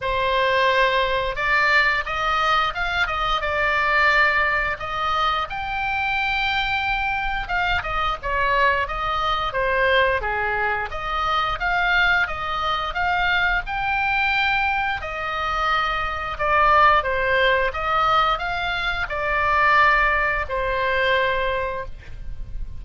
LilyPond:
\new Staff \with { instrumentName = "oboe" } { \time 4/4 \tempo 4 = 88 c''2 d''4 dis''4 | f''8 dis''8 d''2 dis''4 | g''2. f''8 dis''8 | cis''4 dis''4 c''4 gis'4 |
dis''4 f''4 dis''4 f''4 | g''2 dis''2 | d''4 c''4 dis''4 f''4 | d''2 c''2 | }